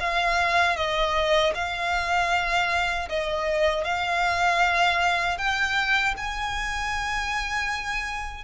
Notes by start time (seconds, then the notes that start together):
0.00 F5
0.76 D#5
1.55 F5
3.09 D#5
3.84 F5
5.38 G5
6.17 G#5